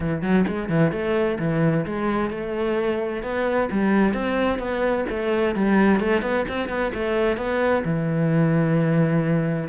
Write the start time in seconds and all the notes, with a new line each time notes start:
0.00 E3
0.22 F#3
0.47 G#3
0.69 E3
0.91 A3
1.38 E3
1.85 G#3
2.30 A3
3.22 B3
3.71 G3
4.13 C4
4.58 B3
5.09 A3
5.55 G3
6.00 A3
6.22 B3
6.48 C4
6.69 B3
6.94 A3
7.37 B3
7.84 E3